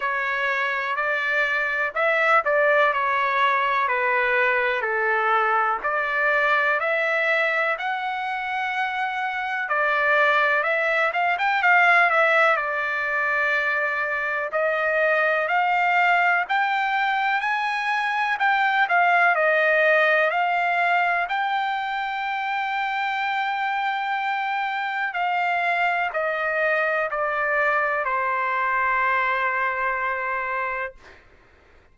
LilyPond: \new Staff \with { instrumentName = "trumpet" } { \time 4/4 \tempo 4 = 62 cis''4 d''4 e''8 d''8 cis''4 | b'4 a'4 d''4 e''4 | fis''2 d''4 e''8 f''16 g''16 | f''8 e''8 d''2 dis''4 |
f''4 g''4 gis''4 g''8 f''8 | dis''4 f''4 g''2~ | g''2 f''4 dis''4 | d''4 c''2. | }